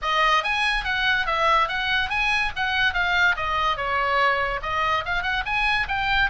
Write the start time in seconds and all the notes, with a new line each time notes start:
0.02 D#5
0.43 G#5
0.84 F#5
1.26 E5
1.68 F#5
2.09 G#5
2.56 F#5
2.93 F5
3.36 D#5
3.76 C#5
4.62 D#5
5.05 F5
5.22 F#5
5.45 G#5
5.88 G5